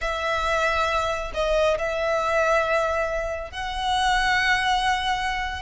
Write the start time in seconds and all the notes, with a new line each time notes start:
0.01 E5
1.34 D#5
1.78 E5
3.51 F#5